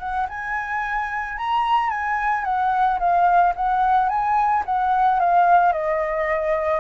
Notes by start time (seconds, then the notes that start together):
0.00 F#5
0.29 G#5
1.38 A#5
1.90 G#5
2.45 F#5
3.00 F5
3.56 F#5
4.09 G#5
4.66 F#5
5.20 F5
5.73 D#5